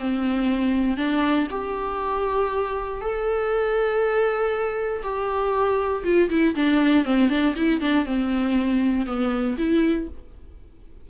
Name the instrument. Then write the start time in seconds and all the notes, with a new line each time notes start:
viola
0.00 C4
0.97 D4
1.51 G4
3.01 A4
5.03 G4
6.05 F4
6.30 E4
6.56 D4
7.06 C4
7.30 D4
7.56 E4
7.81 D4
8.06 C4
9.06 B3
9.58 E4